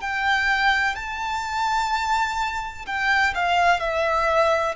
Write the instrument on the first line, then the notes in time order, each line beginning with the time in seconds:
violin
0.00 G5
0.95 A5
2.86 G5
3.34 F5
3.79 E5